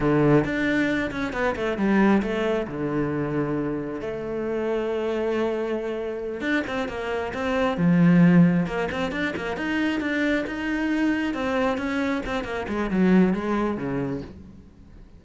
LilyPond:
\new Staff \with { instrumentName = "cello" } { \time 4/4 \tempo 4 = 135 d4 d'4. cis'8 b8 a8 | g4 a4 d2~ | d4 a2.~ | a2~ a8 d'8 c'8 ais8~ |
ais8 c'4 f2 ais8 | c'8 d'8 ais8 dis'4 d'4 dis'8~ | dis'4. c'4 cis'4 c'8 | ais8 gis8 fis4 gis4 cis4 | }